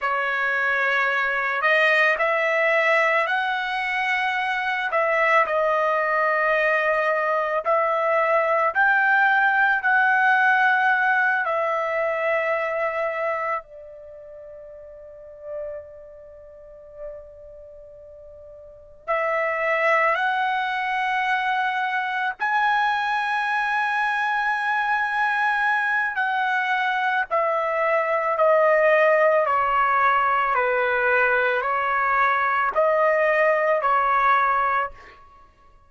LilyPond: \new Staff \with { instrumentName = "trumpet" } { \time 4/4 \tempo 4 = 55 cis''4. dis''8 e''4 fis''4~ | fis''8 e''8 dis''2 e''4 | g''4 fis''4. e''4.~ | e''8 d''2.~ d''8~ |
d''4. e''4 fis''4.~ | fis''8 gis''2.~ gis''8 | fis''4 e''4 dis''4 cis''4 | b'4 cis''4 dis''4 cis''4 | }